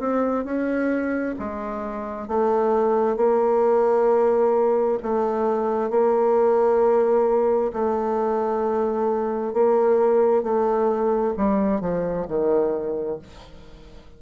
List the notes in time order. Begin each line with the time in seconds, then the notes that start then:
0.00 C4
0.45 C#4
1.40 G#3
2.28 A3
3.17 A#3
5.03 A3
5.90 A#3
7.74 A3
9.54 A#3
10.43 A3
11.37 G3
11.81 F3
12.29 D#3